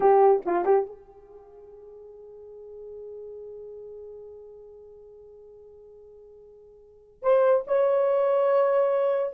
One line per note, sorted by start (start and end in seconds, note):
0.00 0.41 G4
0.45 0.65 F4
0.65 0.86 G4
0.86 7.22 G#4
7.22 7.64 C5
7.67 9.33 C#5